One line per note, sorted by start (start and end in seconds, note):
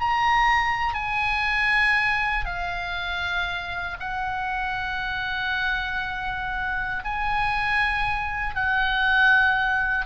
0.00 0.94 A#5
0.94 2.45 G#5
2.45 3.97 F5
3.99 7.03 F#5
7.04 8.55 G#5
8.55 10.06 F#5